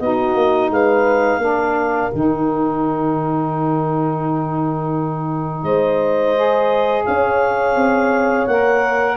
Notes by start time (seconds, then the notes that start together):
0.00 B3 D#4 F#4 D#5
0.35 A#3
0.71 G#3 B4 F5
1.39 A#3 D4 A#4
2.12 D#3 D#4 G5
5.63 G#3 C5 D#5
6.36 G#4
7.06 C#4 C#5 F5
7.76 C4
8.47 A#3 A#4 F#5